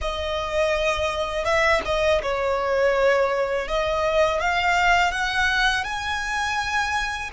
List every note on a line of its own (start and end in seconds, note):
0.01 1.44 D#5
1.44 1.81 E5
1.85 2.22 D#5
2.22 3.68 C#5
3.68 4.40 D#5
4.40 5.11 F5
5.11 5.84 F#5
5.84 7.30 G#5